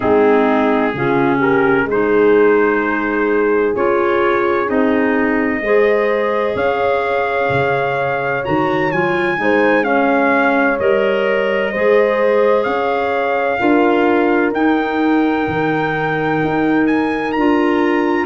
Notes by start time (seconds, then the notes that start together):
0.00 G#3 C4 D#4 G#4
0.94 C#3 C#4 F4
1.38 G4 A#4
1.85 G#3 D#4 C5
1.92 G#4
3.75 C#4 F4 C#5
4.66 C4 D#4 D#5
5.61 G#3 G#4 C5
6.55 C#4 C#5 F5
7.49 C#3
8.44 D#3 F#4 A#5
8.91 F#3 F4 G#5
9.37 G#3 D#4 C5
9.82 C#4 C#5 F5
10.79 G3 A#4 D#5
11.71 G#3 G#4 C5
12.63 C#4 C#5 F5
13.58 D4 F4 A#4
14.52 D#4 G5
15.47 D#3
16.44 D#4
16.86 G#5
17.31 D4 F4 A#5